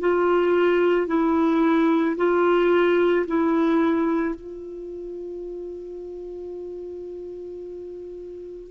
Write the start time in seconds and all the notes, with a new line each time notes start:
0.00 F4
1.07 E4
2.17 F4
3.27 E4
4.35 F4